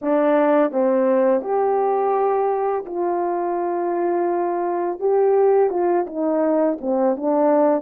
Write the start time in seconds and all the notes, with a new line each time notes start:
0.01 D4
0.71 C4
1.41 G4
2.85 F4
4.99 G4
5.69 F4
6.06 D#4
6.81 C4
7.16 D4